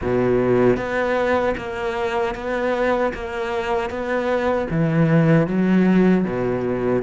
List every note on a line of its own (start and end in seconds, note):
0.01 0.76 B2
0.76 1.54 B3
1.57 2.34 A#3
2.34 3.12 B3
3.14 3.90 A#3
3.90 4.68 B3
4.70 5.47 E3
5.47 6.24 F#3
6.24 7.02 B2